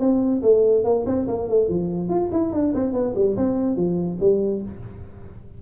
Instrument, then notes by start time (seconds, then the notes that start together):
tuba
0.00 C4
0.42 A3
0.84 A#3
1.06 C4
1.28 A#3
1.49 A3
1.69 F3
2.09 F4
2.32 E4
2.53 D4
2.74 C4
2.93 B3
3.15 G3
3.37 C4
3.76 F3
4.20 G3